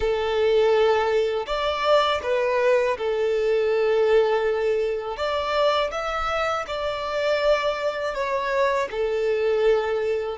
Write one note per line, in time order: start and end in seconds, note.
0.00 1.45 A4
1.46 2.20 D5
2.23 2.97 B4
2.97 5.16 A4
5.16 5.91 D5
5.91 6.65 E5
6.67 8.14 D5
8.14 8.88 C#5
8.90 10.37 A4